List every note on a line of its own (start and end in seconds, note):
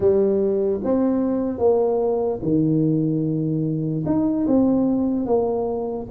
0.00 0.80 G3
0.83 1.58 C4
1.58 2.39 A#3
2.42 4.04 D#3
4.05 4.46 D#4
4.47 5.26 C4
5.26 6.07 A#3